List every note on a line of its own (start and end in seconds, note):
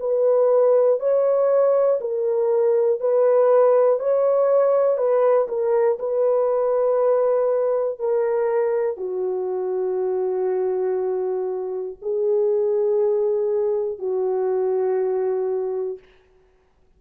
0.00 1.00 B4
1.00 2.00 C#5
2.01 3.00 A#4
3.00 4.00 B4
4.00 4.97 C#5
4.97 5.47 B4
5.48 5.98 A#4
6.00 7.99 B4
7.99 8.97 A#4
8.97 11.97 F#4
12.02 13.99 G#4
13.99 15.99 F#4